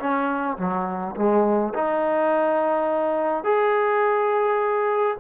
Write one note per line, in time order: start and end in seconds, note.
0.00 0.58 C#4
0.58 1.16 F#3
1.16 1.74 G#3
1.74 3.44 D#4
3.44 5.17 G#4